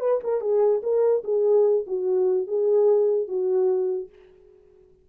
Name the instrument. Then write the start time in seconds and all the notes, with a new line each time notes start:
horn
0.00 B4
0.23 A#4
0.41 G#4
0.83 A#4
1.24 G#4
1.86 F#4
2.47 G#4
3.28 F#4